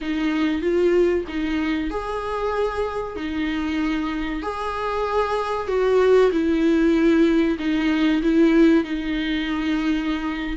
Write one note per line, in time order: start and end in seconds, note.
0.01 0.61 D#4
0.61 1.24 F4
1.28 1.90 D#4
1.90 3.16 G#4
3.16 4.42 D#4
4.42 5.67 G#4
5.67 6.30 F#4
6.31 7.57 E4
7.58 8.22 D#4
8.22 8.84 E4
8.84 10.56 D#4